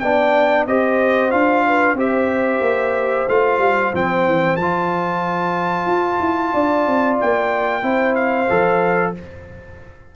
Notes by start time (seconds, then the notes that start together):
0.00 B3 D4 D5 G5
0.67 C4 G4 C5 D#5
1.31 D4 F4 F5
1.67 B4
1.95 C4 G4 C5 E5
2.61 A#3
3.29 A3 F4 F5
3.59 G3
3.94 F3 C4 G5
4.27 E3
4.57 F3 F4 A5
5.87 F4
6.20 E4
6.53 D4 D5
6.87 C4
7.21 A#3 G5
7.83 C4 E4 C5
8.15 F5
8.50 F3 A4